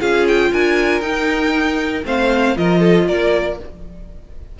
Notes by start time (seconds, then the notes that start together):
0.00 C#4 F4 G#4 F5
0.28 G5
0.52 D4 A#4 G#5
1.01 D#4 G5
2.05 A3 C4 C5 F5
2.56 F3 F4 A#4 D#5
2.80 A4
3.08 A#3 A#4 D5